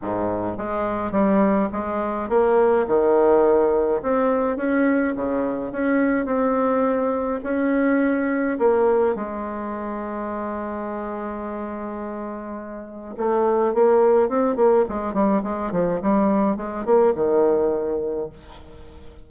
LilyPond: \new Staff \with { instrumentName = "bassoon" } { \time 4/4 \tempo 4 = 105 gis,4 gis4 g4 gis4 | ais4 dis2 c'4 | cis'4 cis4 cis'4 c'4~ | c'4 cis'2 ais4 |
gis1~ | gis2. a4 | ais4 c'8 ais8 gis8 g8 gis8 f8 | g4 gis8 ais8 dis2 | }